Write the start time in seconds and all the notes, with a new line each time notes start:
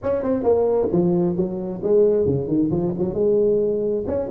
0.02 C#4
0.22 C4
0.43 A#3
0.92 F3
1.36 F#3
1.83 G#3
2.26 C#3
2.47 D#3
2.70 F3
2.98 F#3
3.14 G#3
4.06 C#4